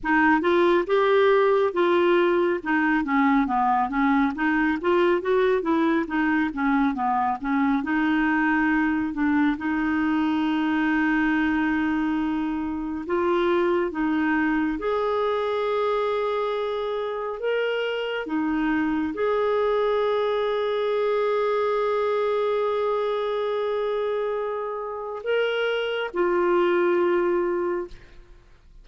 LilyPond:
\new Staff \with { instrumentName = "clarinet" } { \time 4/4 \tempo 4 = 69 dis'8 f'8 g'4 f'4 dis'8 cis'8 | b8 cis'8 dis'8 f'8 fis'8 e'8 dis'8 cis'8 | b8 cis'8 dis'4. d'8 dis'4~ | dis'2. f'4 |
dis'4 gis'2. | ais'4 dis'4 gis'2~ | gis'1~ | gis'4 ais'4 f'2 | }